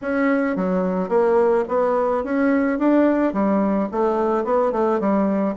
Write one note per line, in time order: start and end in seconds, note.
0.02 0.56 C#4
0.56 1.08 F#3
1.08 1.64 A#3
1.68 2.23 B3
2.24 2.78 C#4
2.78 3.33 D4
3.33 3.89 G3
3.91 4.44 A3
4.44 4.72 B3
4.72 4.99 A3
4.99 5.55 G3